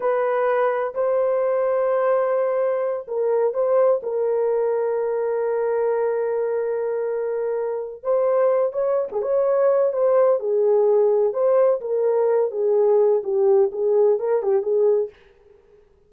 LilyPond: \new Staff \with { instrumentName = "horn" } { \time 4/4 \tempo 4 = 127 b'2 c''2~ | c''2~ c''8 ais'4 c''8~ | c''8 ais'2.~ ais'8~ | ais'1~ |
ais'4 c''4. cis''8. gis'16 cis''8~ | cis''4 c''4 gis'2 | c''4 ais'4. gis'4. | g'4 gis'4 ais'8 g'8 gis'4 | }